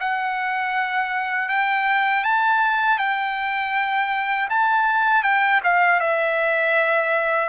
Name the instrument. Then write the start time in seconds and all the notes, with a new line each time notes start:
trumpet
0.00 F#5
1.49 G5
2.24 A5
2.99 G5
4.50 A5
5.24 G5
5.64 F5
6.00 E5